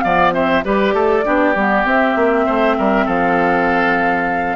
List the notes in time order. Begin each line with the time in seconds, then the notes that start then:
0.00 F3 B3 D5 F5
0.33 C4 C5 E5
0.64 G3 G4 B4 D5
0.93 A3 A4
1.23 B3 D4 G4
1.55 G3 B3
1.84 C4 E5
2.15 A#3
2.45 A3 C5
2.78 G3 A#4
3.05 F3 A4 F5